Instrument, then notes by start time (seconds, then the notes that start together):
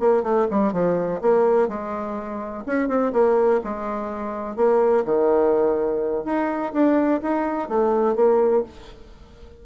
bassoon
0.00 A#3
0.23 A3
0.51 G3
0.73 F3
1.22 A#3
1.68 G#3
2.66 C#4
2.88 C4
3.13 A#3
3.64 G#3
4.56 A#3
5.05 D#3
6.25 D#4
6.73 D4
7.23 D#4
7.69 A3
8.16 A#3